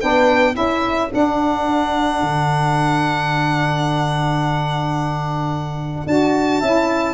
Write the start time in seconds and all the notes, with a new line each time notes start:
0.00 B3 D4 B4 G5
0.53 C#4 E4 A4 E5
1.10 D4 F#5
2.21 D3
6.06 D4 F#4 A5
6.60 C#4 E4 E5